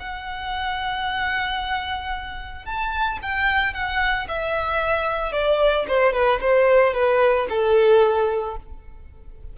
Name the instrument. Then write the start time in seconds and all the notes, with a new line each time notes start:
violin
0.00 F#5
2.66 A5
3.23 G5
3.74 F#5
4.29 E5
5.33 D5
5.88 C5
6.14 B4
6.41 C5
6.94 B4
7.50 A4